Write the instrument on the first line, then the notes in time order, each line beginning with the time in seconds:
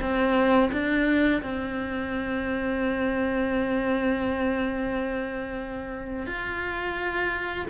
cello
0.00 C4
0.72 D4
1.42 C4
6.26 F4